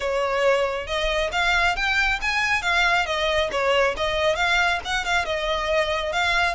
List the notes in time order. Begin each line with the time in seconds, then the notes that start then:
0.00 C#5
0.86 D#5
1.32 F5
1.76 G5
2.21 G#5
2.62 F5
3.06 D#5
3.51 C#5
3.96 D#5
4.35 F5
4.85 F#5
5.04 F5
5.25 D#5
6.12 F5